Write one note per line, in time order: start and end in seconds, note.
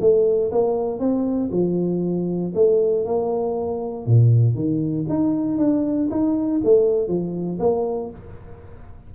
0.00 0.51 A3
0.51 0.99 A#3
0.99 1.50 C4
1.51 2.53 F3
2.54 3.05 A3
3.05 4.06 A#3
4.06 4.55 A#2
4.55 5.05 D#3
5.08 5.58 D#4
5.58 6.09 D4
6.10 6.61 D#4
6.64 7.07 A3
7.07 7.58 F3
7.59 8.10 A#3